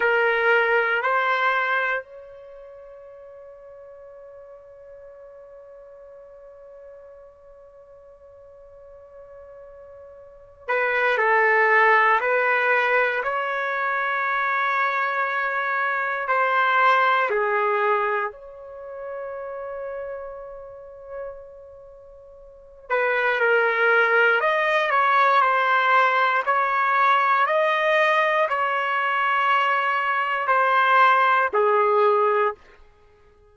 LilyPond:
\new Staff \with { instrumentName = "trumpet" } { \time 4/4 \tempo 4 = 59 ais'4 c''4 cis''2~ | cis''1~ | cis''2~ cis''8 b'8 a'4 | b'4 cis''2. |
c''4 gis'4 cis''2~ | cis''2~ cis''8 b'8 ais'4 | dis''8 cis''8 c''4 cis''4 dis''4 | cis''2 c''4 gis'4 | }